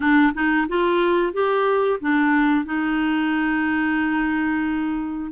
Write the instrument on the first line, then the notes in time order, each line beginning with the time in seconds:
clarinet
0.00 D4
0.33 D#4
0.68 F4
1.33 G4
2.00 D4
2.65 D#4